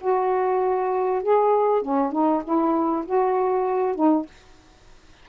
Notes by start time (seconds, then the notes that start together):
0.00 F#4
1.22 G#4
1.81 C#4
2.12 D#4
2.44 E4
3.05 F#4
3.95 D#4